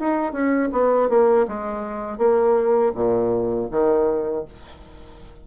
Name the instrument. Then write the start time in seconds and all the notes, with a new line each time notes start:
bassoon
0.00 D#4
0.33 C#4
0.72 B3
1.10 A#3
1.48 G#3
2.18 A#3
2.95 A#2
3.71 D#3